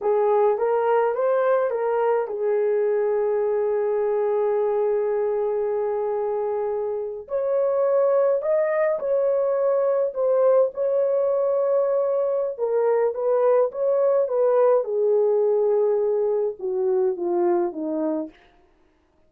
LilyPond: \new Staff \with { instrumentName = "horn" } { \time 4/4 \tempo 4 = 105 gis'4 ais'4 c''4 ais'4 | gis'1~ | gis'1~ | gis'8. cis''2 dis''4 cis''16~ |
cis''4.~ cis''16 c''4 cis''4~ cis''16~ | cis''2 ais'4 b'4 | cis''4 b'4 gis'2~ | gis'4 fis'4 f'4 dis'4 | }